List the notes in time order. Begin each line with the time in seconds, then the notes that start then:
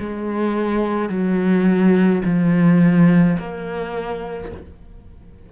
0.00 G#3
1.09 F#3
2.25 F3
3.39 A#3